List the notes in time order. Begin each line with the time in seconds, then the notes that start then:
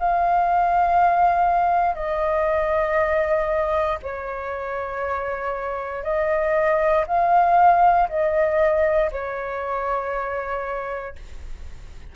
0.00 F5
1.96 D#5
4.03 C#5
6.04 D#5
7.07 F5
8.09 D#5
9.12 C#5